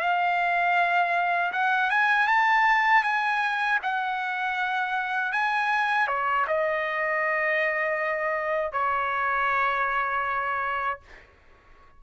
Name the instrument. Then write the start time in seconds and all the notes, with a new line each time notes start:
trumpet
0.00 F5
1.52 F#5
1.90 G#5
2.27 A5
3.03 G#5
3.83 F#5
5.32 G#5
6.07 C#5
6.47 D#5
8.72 C#5